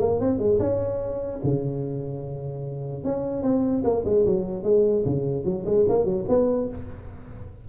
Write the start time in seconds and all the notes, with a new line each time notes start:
0.00 A#3
0.21 C4
0.39 G#3
0.60 C#4
1.44 C#3
3.04 C#4
3.43 C4
3.84 A#3
4.05 G#3
4.26 F#3
4.63 G#3
5.06 C#3
5.45 F#3
5.65 G#3
5.89 A#3
6.05 F#3
6.29 B3